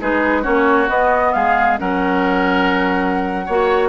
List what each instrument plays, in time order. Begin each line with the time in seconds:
0.00 bassoon G#3, clarinet D#4, oboe G#4, flute B4
0.42 bassoon A#3, clarinet C#4, oboe F#4, flute C#5
0.88 bassoon B3, clarinet B3, flute D#5
1.33 bassoon G#3, oboe G#4, flute F5
1.78 bassoon F#3, clarinet C#4, oboe A#4, flute F#5
3.45 bassoon A#3, clarinet F#4, oboe C#5